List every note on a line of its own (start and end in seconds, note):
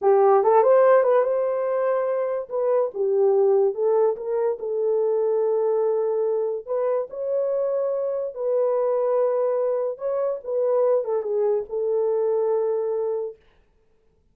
0.01 0.43 G4
0.43 0.62 A4
0.62 1.03 C5
1.03 1.23 B4
1.23 2.48 C5
2.49 2.90 B4
2.94 3.74 G4
3.74 4.16 A4
4.16 4.58 A#4
4.59 6.66 A4
6.66 7.07 B4
7.09 8.34 C#5
8.34 9.98 B4
9.98 10.39 C#5
10.44 11.04 B4
11.04 11.22 A4
11.22 11.64 G#4
11.69 13.35 A4